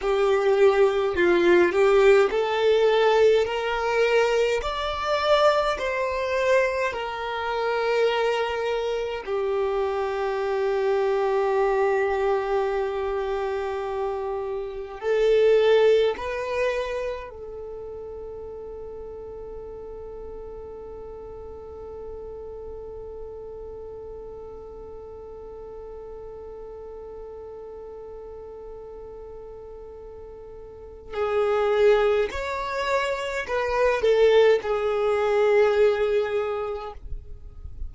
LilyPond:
\new Staff \with { instrumentName = "violin" } { \time 4/4 \tempo 4 = 52 g'4 f'8 g'8 a'4 ais'4 | d''4 c''4 ais'2 | g'1~ | g'4 a'4 b'4 a'4~ |
a'1~ | a'1~ | a'2. gis'4 | cis''4 b'8 a'8 gis'2 | }